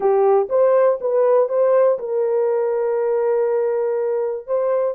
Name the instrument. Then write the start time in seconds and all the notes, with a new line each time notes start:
horn
0.00 G4
0.49 C5
1.00 B4
1.49 C5
1.98 A#4
4.47 C5